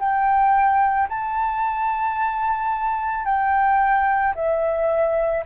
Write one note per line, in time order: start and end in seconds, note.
0.00 1.09 G5
1.09 3.25 A5
3.25 4.34 G5
4.35 5.44 E5